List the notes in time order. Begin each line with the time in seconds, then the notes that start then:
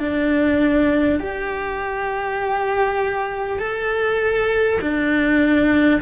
0.00 D4
1.20 G4
3.59 A4
4.81 D4